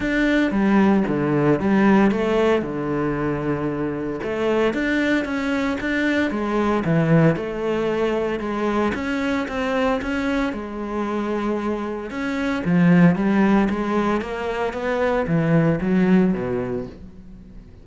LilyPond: \new Staff \with { instrumentName = "cello" } { \time 4/4 \tempo 4 = 114 d'4 g4 d4 g4 | a4 d2. | a4 d'4 cis'4 d'4 | gis4 e4 a2 |
gis4 cis'4 c'4 cis'4 | gis2. cis'4 | f4 g4 gis4 ais4 | b4 e4 fis4 b,4 | }